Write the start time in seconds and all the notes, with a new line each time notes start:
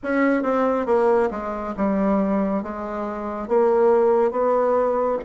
0.03 C#4
0.43 C4
0.86 A#3
1.30 G#3
1.76 G3
2.62 G#3
3.47 A#3
4.31 B3